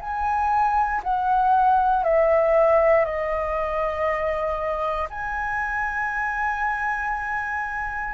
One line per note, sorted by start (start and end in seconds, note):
0.00 1.02 G#5
1.03 2.03 F#5
2.03 3.05 E5
3.05 5.08 D#5
5.09 8.14 G#5